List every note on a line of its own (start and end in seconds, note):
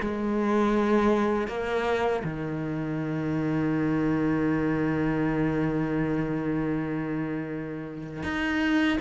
0.00 1.47 G#3
1.47 2.22 A#3
2.24 8.23 D#3
8.23 8.98 D#4